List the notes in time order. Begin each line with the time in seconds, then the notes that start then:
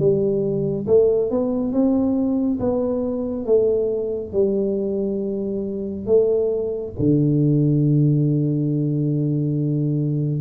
0.00 G3
0.87 A3
1.31 B3
1.73 C4
2.60 B3
3.46 A3
4.33 G3
6.06 A3
7.00 D3